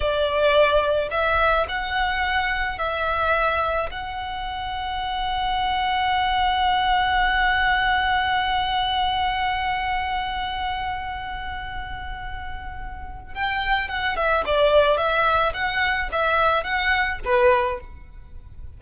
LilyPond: \new Staff \with { instrumentName = "violin" } { \time 4/4 \tempo 4 = 108 d''2 e''4 fis''4~ | fis''4 e''2 fis''4~ | fis''1~ | fis''1~ |
fis''1~ | fis''1 | g''4 fis''8 e''8 d''4 e''4 | fis''4 e''4 fis''4 b'4 | }